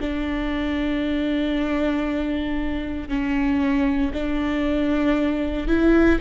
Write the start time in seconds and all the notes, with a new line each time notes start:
0.00 D4
3.08 C#4
4.13 D4
5.67 E4